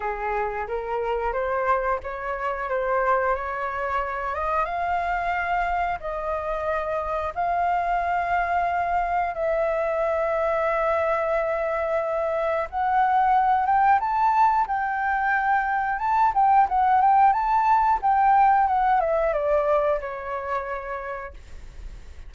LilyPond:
\new Staff \with { instrumentName = "flute" } { \time 4/4 \tempo 4 = 90 gis'4 ais'4 c''4 cis''4 | c''4 cis''4. dis''8 f''4~ | f''4 dis''2 f''4~ | f''2 e''2~ |
e''2. fis''4~ | fis''8 g''8 a''4 g''2 | a''8 g''8 fis''8 g''8 a''4 g''4 | fis''8 e''8 d''4 cis''2 | }